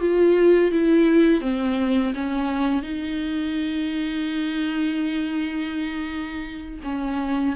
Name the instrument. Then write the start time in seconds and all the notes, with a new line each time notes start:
viola
0.00 F4
0.71 E4
1.41 C4
2.14 C#4
2.83 D#4
6.83 C#4